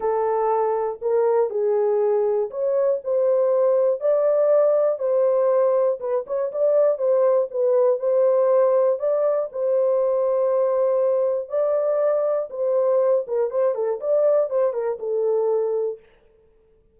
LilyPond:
\new Staff \with { instrumentName = "horn" } { \time 4/4 \tempo 4 = 120 a'2 ais'4 gis'4~ | gis'4 cis''4 c''2 | d''2 c''2 | b'8 cis''8 d''4 c''4 b'4 |
c''2 d''4 c''4~ | c''2. d''4~ | d''4 c''4. ais'8 c''8 a'8 | d''4 c''8 ais'8 a'2 | }